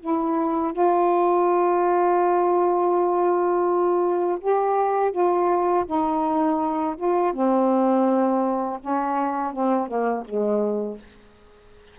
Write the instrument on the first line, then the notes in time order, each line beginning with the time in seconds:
saxophone
0.00 E4
0.73 F4
4.40 G4
5.12 F4
5.85 D#4
6.96 F4
7.33 C4
8.80 C#4
9.53 C4
9.87 A#3
10.24 G#3